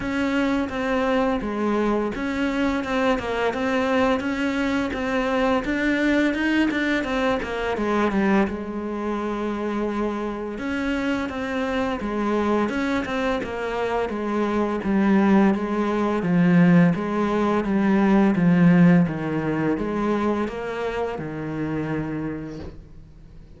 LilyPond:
\new Staff \with { instrumentName = "cello" } { \time 4/4 \tempo 4 = 85 cis'4 c'4 gis4 cis'4 | c'8 ais8 c'4 cis'4 c'4 | d'4 dis'8 d'8 c'8 ais8 gis8 g8 | gis2. cis'4 |
c'4 gis4 cis'8 c'8 ais4 | gis4 g4 gis4 f4 | gis4 g4 f4 dis4 | gis4 ais4 dis2 | }